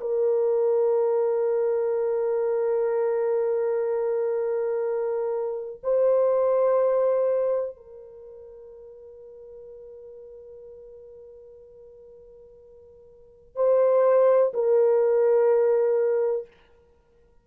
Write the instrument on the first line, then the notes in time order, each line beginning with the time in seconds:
horn
0.00 A#4
5.83 C5
7.76 A#4
13.55 C5
14.54 A#4